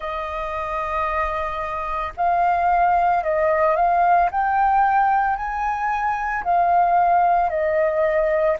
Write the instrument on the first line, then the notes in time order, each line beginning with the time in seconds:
flute
0.00 D#5
2.16 F5
3.23 D#5
3.75 F5
4.31 G5
5.36 G#5
6.44 F5
7.49 D#5